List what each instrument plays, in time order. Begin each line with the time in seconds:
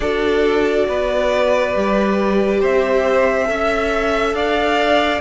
0.00 cello D4, viola F#4, violin A4 D5
0.88 cello B3, violin B4
1.74 cello G3, viola G4
2.60 cello C4, violin C5 E5
3.45 cello C#4, viola A4, violin E5
4.33 cello D4, violin D5 F5